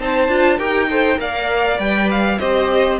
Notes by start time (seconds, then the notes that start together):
0.00 C4 D#4 C5 A5
0.29 D4 F4
0.59 D#4 G4 A#4 G5
0.90 A4 C5
1.17 A#3 A#4 D5 F5
1.78 G3 B4 G5
2.11 F5
2.39 C4 G4 C5 D#5